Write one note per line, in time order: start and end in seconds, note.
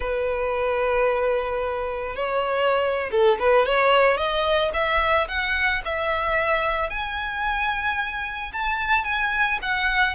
0.00 2.15 B4
2.15 3.10 C#5
3.11 3.38 A4
3.39 3.66 B4
3.66 4.17 C#5
4.17 4.71 D#5
4.73 5.27 E5
5.28 5.82 F#5
5.85 6.89 E5
6.89 8.52 G#5
8.52 9.04 A5
9.04 9.58 G#5
9.62 10.15 F#5